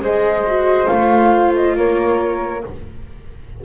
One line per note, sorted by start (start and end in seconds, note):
0.00 0.87 G#3
0.00 0.43 G#4
0.00 1.76 C5
0.00 0.87 D#5
0.47 0.87 F#4
0.87 1.76 A3
0.87 2.61 F4
0.87 1.52 F5
1.55 1.77 D#5
1.76 2.63 A#3
1.76 2.64 A#4
1.76 2.64 C#5